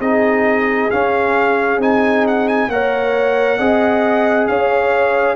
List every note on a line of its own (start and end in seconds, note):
0.00 0.90 C4
0.00 0.90 D#4
0.00 2.69 G#4
0.00 0.91 D#5
0.91 1.80 C#4
0.91 1.78 C#4
0.91 1.80 F5
1.78 2.68 C4
1.78 2.70 D#4
1.78 2.27 G#5
2.27 2.49 F#5
2.49 2.70 G#5
2.68 3.58 A#3
2.68 3.60 A#4
2.68 3.59 C#5
2.68 4.48 F#5
3.59 4.48 C4
3.59 5.36 G#4
3.59 4.48 D#5
4.48 5.36 C#4
4.48 5.36 C#5
4.48 5.36 F5